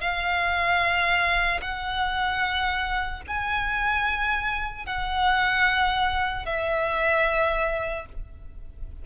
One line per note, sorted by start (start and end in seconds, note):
0.00 1.60 F5
1.61 3.21 F#5
3.27 4.86 G#5
4.86 6.45 F#5
6.45 8.05 E5